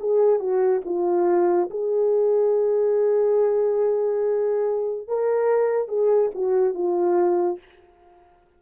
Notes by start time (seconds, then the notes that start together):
0.00 G#4
0.39 F#4
0.85 F4
1.71 G#4
5.08 A#4
5.88 G#4
6.35 F#4
6.74 F4